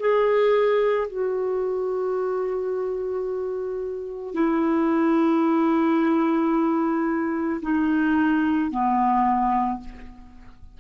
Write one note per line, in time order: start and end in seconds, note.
0.00 1.08 G#4
1.08 4.34 F#4
4.34 7.62 E4
7.62 8.71 D#4
8.71 9.80 B3